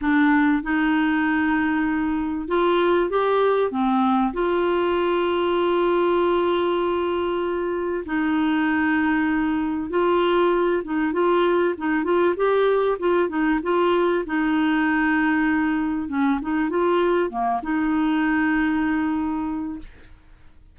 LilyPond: \new Staff \with { instrumentName = "clarinet" } { \time 4/4 \tempo 4 = 97 d'4 dis'2. | f'4 g'4 c'4 f'4~ | f'1~ | f'4 dis'2. |
f'4. dis'8 f'4 dis'8 f'8 | g'4 f'8 dis'8 f'4 dis'4~ | dis'2 cis'8 dis'8 f'4 | ais8 dis'2.~ dis'8 | }